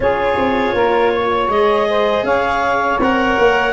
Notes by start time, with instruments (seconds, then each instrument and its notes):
0.00 tuba C#4, cello F4, saxophone G#4, clarinet C#5
0.37 tuba C4
0.73 tuba A#3, saxophone A#4
1.13 saxophone C#5
1.48 tuba G#3, cello G#4, clarinet D#5
1.88 saxophone C5
2.23 tuba C#4, saxophone C#5, clarinet F5
2.99 tuba C4, cello A#4, clarinet F#5
3.38 tuba A#3